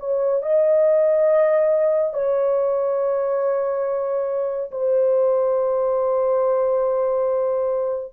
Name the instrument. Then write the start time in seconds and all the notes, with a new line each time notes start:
horn
0.00 C#5
0.43 D#5
2.14 C#5
4.72 C5